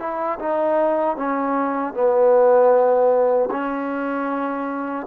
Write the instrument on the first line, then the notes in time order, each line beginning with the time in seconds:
trombone
0.00 E4
0.39 D#4
1.17 C#4
1.94 B3
3.51 C#4